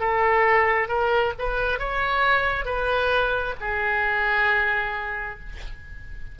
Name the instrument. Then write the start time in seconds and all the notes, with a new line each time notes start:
oboe
0.00 A4
0.88 A#4
1.39 B4
1.79 C#5
2.65 B4
3.61 G#4